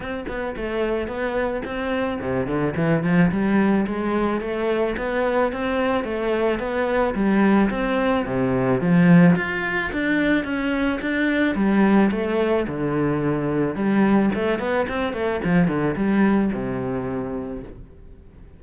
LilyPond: \new Staff \with { instrumentName = "cello" } { \time 4/4 \tempo 4 = 109 c'8 b8 a4 b4 c'4 | c8 d8 e8 f8 g4 gis4 | a4 b4 c'4 a4 | b4 g4 c'4 c4 |
f4 f'4 d'4 cis'4 | d'4 g4 a4 d4~ | d4 g4 a8 b8 c'8 a8 | f8 d8 g4 c2 | }